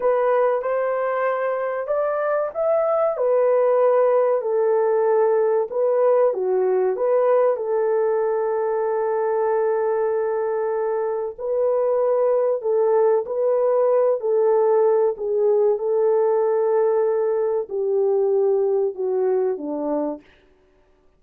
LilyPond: \new Staff \with { instrumentName = "horn" } { \time 4/4 \tempo 4 = 95 b'4 c''2 d''4 | e''4 b'2 a'4~ | a'4 b'4 fis'4 b'4 | a'1~ |
a'2 b'2 | a'4 b'4. a'4. | gis'4 a'2. | g'2 fis'4 d'4 | }